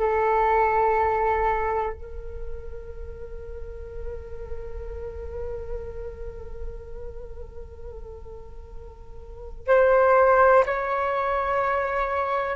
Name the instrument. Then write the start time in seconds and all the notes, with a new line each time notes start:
flute
0.00 A4
1.94 A#4
9.68 C5
10.66 C#5